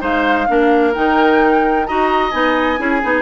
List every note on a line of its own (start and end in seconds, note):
0.00 0.48 G#3
0.00 0.46 D#4
0.00 0.47 C5
0.00 0.94 F5
0.48 0.95 A#3
0.48 0.94 D4
0.48 1.87 A#4
0.94 1.88 D#3
0.94 1.87 D#4
0.94 1.86 G5
1.86 2.33 D#4
1.86 2.32 F#4
1.86 2.80 D#5
1.86 2.31 A#5
2.31 2.79 B3
2.31 2.77 D#4
2.31 3.22 G#5
2.77 3.02 C#4
2.77 3.00 E4
2.77 3.22 G#4
3.02 3.22 B3
3.02 3.22 D#4